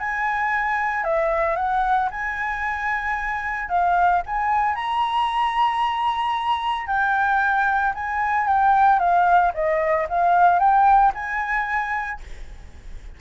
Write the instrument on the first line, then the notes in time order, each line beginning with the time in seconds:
flute
0.00 G#5
1.04 E5
1.56 F#5
2.11 G#5
3.69 F5
4.26 G#5
4.75 A#5
6.87 G5
7.95 G#5
8.48 G5
8.99 F5
9.54 D#5
10.09 F5
10.60 G5
11.15 G#5